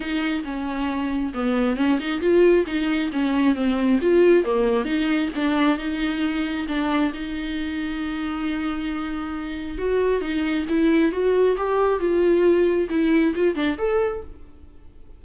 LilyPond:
\new Staff \with { instrumentName = "viola" } { \time 4/4 \tempo 4 = 135 dis'4 cis'2 b4 | cis'8 dis'8 f'4 dis'4 cis'4 | c'4 f'4 ais4 dis'4 | d'4 dis'2 d'4 |
dis'1~ | dis'2 fis'4 dis'4 | e'4 fis'4 g'4 f'4~ | f'4 e'4 f'8 d'8 a'4 | }